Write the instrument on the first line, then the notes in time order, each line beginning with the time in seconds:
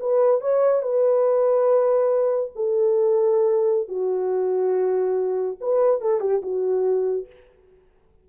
horn
0.00 B4
0.41 C#5
0.82 B4
2.55 A4
3.88 F#4
5.61 B4
6.01 A4
6.20 G4
6.42 F#4